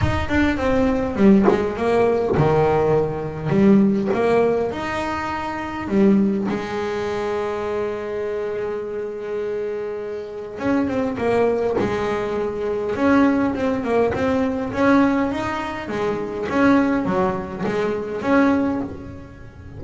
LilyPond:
\new Staff \with { instrumentName = "double bass" } { \time 4/4 \tempo 4 = 102 dis'8 d'8 c'4 g8 gis8 ais4 | dis2 g4 ais4 | dis'2 g4 gis4~ | gis1~ |
gis2 cis'8 c'8 ais4 | gis2 cis'4 c'8 ais8 | c'4 cis'4 dis'4 gis4 | cis'4 fis4 gis4 cis'4 | }